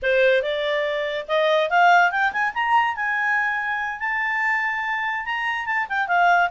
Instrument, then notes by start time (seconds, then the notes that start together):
clarinet
0.02 C5
0.42 D5
1.28 D#5
1.70 F5
2.11 G5
2.32 G#5
2.54 A#5
2.96 G#5
3.99 A5
5.25 A#5
5.66 A5
5.88 G5
6.07 F5